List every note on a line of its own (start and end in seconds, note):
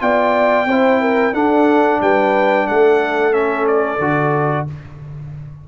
0.00 0.65 B3
0.00 0.67 F4
0.00 0.68 D5
0.00 1.34 G5
0.65 1.32 C4
0.65 1.33 E4
0.65 1.01 C5
1.01 1.34 A#4
1.32 1.99 D4
1.32 3.31 D4
1.32 2.01 A4
1.32 2.00 F#5
2.00 2.67 G3
2.00 2.68 B4
2.00 2.67 G5
2.67 3.99 A3
2.67 4.68 A4
2.67 3.33 F#5
3.31 3.98 C#4
3.31 3.66 E5
3.67 4.67 D5
3.99 4.65 D3
3.99 4.67 F#4